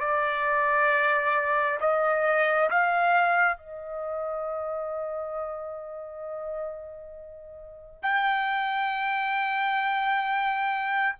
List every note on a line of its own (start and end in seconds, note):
0.00 1.79 D5
1.80 2.70 D#5
2.70 3.57 F5
3.57 8.02 D#5
8.02 11.16 G5